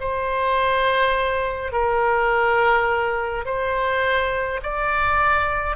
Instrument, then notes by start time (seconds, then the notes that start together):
oboe
0.00 C5
1.72 A#4
3.45 C5
4.63 D5